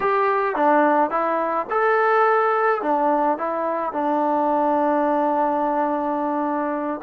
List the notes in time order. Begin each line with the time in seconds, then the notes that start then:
0.00 G4
0.55 D4
1.10 E4
1.70 A4
2.81 D4
3.38 E4
3.92 D4